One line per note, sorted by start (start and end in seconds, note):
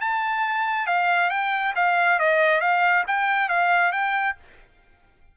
0.00 0.87 A5
0.87 1.30 F5
1.30 1.73 G5
1.75 2.19 F5
2.19 2.60 D#5
2.60 3.04 F5
3.07 3.48 G5
3.48 3.92 F5
3.92 4.35 G5